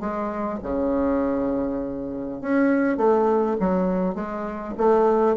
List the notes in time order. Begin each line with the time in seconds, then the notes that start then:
0.00 G#3
0.63 C#3
2.41 C#4
2.97 A3
3.60 F#3
4.15 G#3
4.78 A3